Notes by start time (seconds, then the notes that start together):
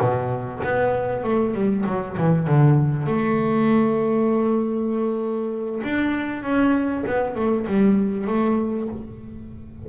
0.00 B2
0.63 B3
1.23 A3
1.54 G3
1.86 F#3
2.17 E3
2.47 D3
3.06 A3
5.83 D4
6.43 C#4
7.06 B3
7.35 A3
7.66 G3
8.27 A3